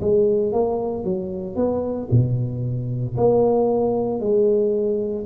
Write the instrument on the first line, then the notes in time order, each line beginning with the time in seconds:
tuba
0.00 G#3
0.52 A#3
1.04 F#3
1.56 B3
2.11 B2
3.16 A#3
4.20 G#3